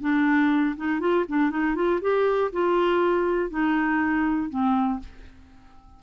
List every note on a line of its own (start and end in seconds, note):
0.00 0.75 D4
0.76 1.00 D#4
1.00 1.25 F4
1.28 1.50 D4
1.50 1.75 D#4
1.75 2.00 F4
2.01 2.51 G4
2.52 3.50 F4
3.50 4.49 D#4
4.49 4.99 C4